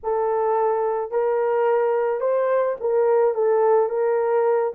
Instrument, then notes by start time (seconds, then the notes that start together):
horn
0.03 A4
1.11 A#4
2.20 C5
2.80 A#4
3.34 A4
3.89 A#4